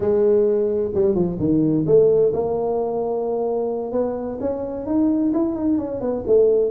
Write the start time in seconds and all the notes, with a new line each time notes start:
0.00 G#3
0.94 G3
1.14 F3
1.39 D#3
1.86 A3
2.33 A#3
3.92 B3
4.40 C#4
4.85 D#4
5.33 E4
5.55 D#4
5.78 C#4
6.00 B3
6.26 A3